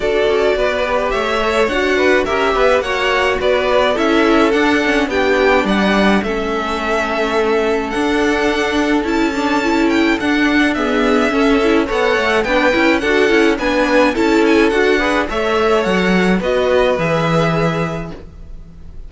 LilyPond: <<
  \new Staff \with { instrumentName = "violin" } { \time 4/4 \tempo 4 = 106 d''2 e''4 fis''4 | e''4 fis''4 d''4 e''4 | fis''4 g''4 fis''4 e''4~ | e''2 fis''2 |
a''4. g''8 fis''4 e''4~ | e''4 fis''4 g''4 fis''4 | gis''4 a''8 gis''8 fis''4 e''4 | fis''4 dis''4 e''2 | }
  \new Staff \with { instrumentName = "violin" } { \time 4/4 a'4 b'4 cis''4. b'8 | ais'8 b'8 cis''4 b'4 a'4~ | a'4 g'4 d''4 a'4~ | a'1~ |
a'2. gis'4 | a'4 cis''4 b'4 a'4 | b'4 a'4. b'8 cis''4~ | cis''4 b'2. | }
  \new Staff \with { instrumentName = "viola" } { \time 4/4 fis'4. g'4 a'8 fis'4 | g'4 fis'2 e'4 | d'8 cis'8 d'2 cis'4~ | cis'2 d'2 |
e'8 d'8 e'4 d'4 b4 | cis'8 e'8 a'4 d'8 e'8 fis'8 e'8 | d'4 e'4 fis'8 gis'8 a'4~ | a'4 fis'4 gis'2 | }
  \new Staff \with { instrumentName = "cello" } { \time 4/4 d'8 cis'8 b4 a4 d'4 | cis'8 b8 ais4 b4 cis'4 | d'4 b4 g4 a4~ | a2 d'2 |
cis'2 d'2 | cis'4 b8 a8 b8 cis'8 d'8 cis'8 | b4 cis'4 d'4 a4 | fis4 b4 e2 | }
>>